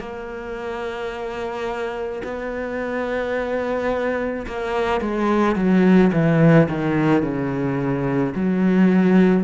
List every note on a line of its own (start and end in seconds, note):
0.00 2.22 A#3
2.24 4.46 B3
4.47 5.02 A#3
5.02 5.56 G#3
5.56 6.12 F#3
6.13 6.69 E3
6.69 7.23 D#3
7.23 8.34 C#3
8.36 9.44 F#3